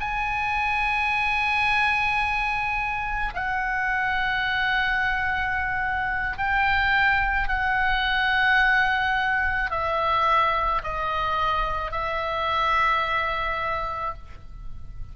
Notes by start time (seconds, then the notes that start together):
0.00 G#5
3.34 F#5
6.37 G5
7.48 F#5
9.70 E5
10.83 D#5
11.91 E5